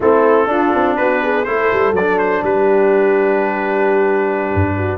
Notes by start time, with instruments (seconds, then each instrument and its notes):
0.00 tuba A3, trombone C4, horn E4, trumpet A4
0.47 tuba D4, trombone D4, horn F4
0.75 tuba C4
0.96 tuba B3, horn F#4, trumpet B4
1.22 horn G#4
1.44 tuba A3, trombone E4, horn A4, trumpet C5
1.72 tuba G3
1.92 tuba F#3, trumpet D5
1.99 trombone D4
2.18 trumpet C5
2.43 tuba G3, horn G4, trumpet B4
4.54 tuba G2
4.76 horn F#4